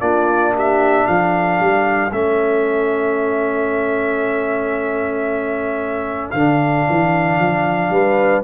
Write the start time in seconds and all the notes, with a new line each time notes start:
0.00 A#3 D4 F4 D5
0.55 G4 E5
1.07 F3 A4 F5
1.60 G3
2.12 A3 C#4 E5
6.31 D3 D4 F5
6.89 E3
7.39 F3
7.90 G3 B4